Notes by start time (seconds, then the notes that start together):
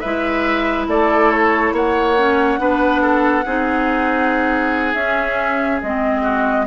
0.00 G#3 E4 B4 E5
0.88 A3 A4 D5
1.32 C#5
1.72 A#3 C#5 F#5
2.18 C#4
2.59 B3 D4 B4
3.02 A4
3.46 C4 D#4 G#4
4.95 C#4 E5
5.82 G#3 C4 D#5
6.22 F#4